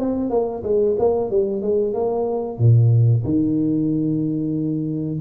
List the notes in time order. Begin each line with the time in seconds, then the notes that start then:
0.00 C4
0.30 A#3
0.63 G#3
0.99 A#3
1.30 G3
1.62 G#3
1.94 A#3
2.58 A#2
3.24 D#3